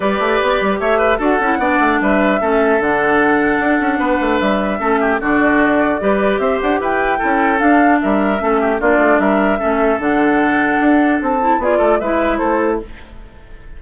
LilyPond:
<<
  \new Staff \with { instrumentName = "flute" } { \time 4/4 \tempo 4 = 150 d''2 e''4 fis''4~ | fis''4 e''2 fis''4~ | fis''2. e''4~ | e''4 d''2. |
e''8 fis''8 g''2 f''4 | e''2 d''4 e''4~ | e''4 fis''2. | a''4 d''4 e''4 c''4 | }
  \new Staff \with { instrumentName = "oboe" } { \time 4/4 b'2 cis''8 b'8 a'4 | d''4 b'4 a'2~ | a'2 b'2 | a'8 g'8 fis'2 b'4 |
c''4 b'4 a'2 | ais'4 a'8 g'8 f'4 ais'4 | a'1~ | a'4 gis'8 a'8 b'4 a'4 | }
  \new Staff \with { instrumentName = "clarinet" } { \time 4/4 g'2. fis'8 e'8 | d'2 cis'4 d'4~ | d'1 | cis'4 d'2 g'4~ |
g'2 e'4 d'4~ | d'4 cis'4 d'2 | cis'4 d'2.~ | d'8 e'8 f'4 e'2 | }
  \new Staff \with { instrumentName = "bassoon" } { \time 4/4 g8 a8 b8 g8 a4 d'8 cis'8 | b8 a8 g4 a4 d4~ | d4 d'8 cis'8 b8 a8 g4 | a4 d2 g4 |
c'8 d'8 e'4 cis'4 d'4 | g4 a4 ais8 a8 g4 | a4 d2 d'4 | c'4 b8 a8 gis4 a4 | }
>>